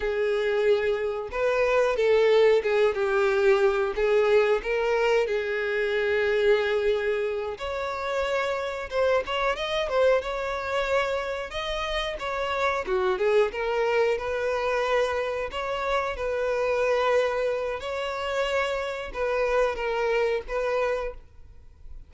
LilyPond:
\new Staff \with { instrumentName = "violin" } { \time 4/4 \tempo 4 = 91 gis'2 b'4 a'4 | gis'8 g'4. gis'4 ais'4 | gis'2.~ gis'8 cis''8~ | cis''4. c''8 cis''8 dis''8 c''8 cis''8~ |
cis''4. dis''4 cis''4 fis'8 | gis'8 ais'4 b'2 cis''8~ | cis''8 b'2~ b'8 cis''4~ | cis''4 b'4 ais'4 b'4 | }